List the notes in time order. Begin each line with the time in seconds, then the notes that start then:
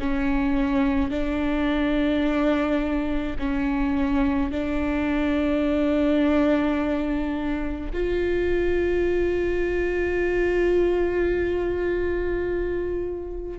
0.00 C#4
1.11 D4
3.39 C#4
4.52 D4
7.93 F4